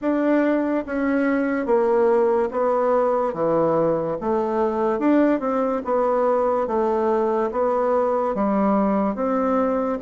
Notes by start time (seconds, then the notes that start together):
0.01 D4
0.86 C#4
1.66 A#3
2.51 B3
3.33 E3
4.20 A3
4.99 D4
5.39 C4
5.84 B3
6.67 A3
7.51 B3
8.34 G3
9.15 C4